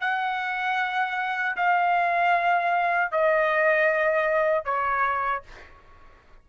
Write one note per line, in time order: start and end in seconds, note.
0.00 1.56 F#5
1.56 3.11 F5
3.11 4.64 D#5
4.64 5.42 C#5